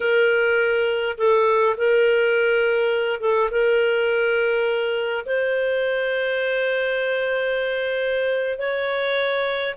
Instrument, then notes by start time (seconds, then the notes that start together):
clarinet
0.00 A#4
1.17 A4
1.77 A#4
3.20 A4
3.50 A#4
5.25 C5
8.58 C#5